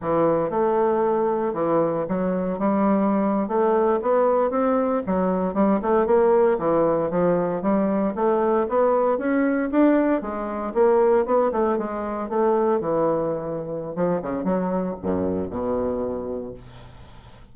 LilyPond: \new Staff \with { instrumentName = "bassoon" } { \time 4/4 \tempo 4 = 116 e4 a2 e4 | fis4 g4.~ g16 a4 b16~ | b8. c'4 fis4 g8 a8 ais16~ | ais8. e4 f4 g4 a16~ |
a8. b4 cis'4 d'4 gis16~ | gis8. ais4 b8 a8 gis4 a16~ | a8. e2~ e16 f8 cis8 | fis4 fis,4 b,2 | }